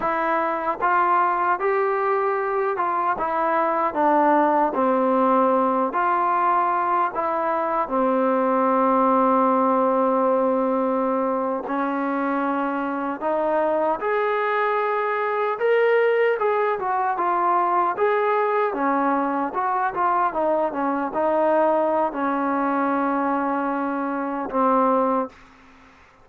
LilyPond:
\new Staff \with { instrumentName = "trombone" } { \time 4/4 \tempo 4 = 76 e'4 f'4 g'4. f'8 | e'4 d'4 c'4. f'8~ | f'4 e'4 c'2~ | c'2~ c'8. cis'4~ cis'16~ |
cis'8. dis'4 gis'2 ais'16~ | ais'8. gis'8 fis'8 f'4 gis'4 cis'16~ | cis'8. fis'8 f'8 dis'8 cis'8 dis'4~ dis'16 | cis'2. c'4 | }